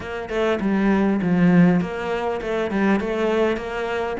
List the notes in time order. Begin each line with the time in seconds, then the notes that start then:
0.00 A#3
0.29 A3
0.60 G3
1.22 F3
1.81 A#3
2.41 A3
2.70 G3
2.99 A3
3.56 A#3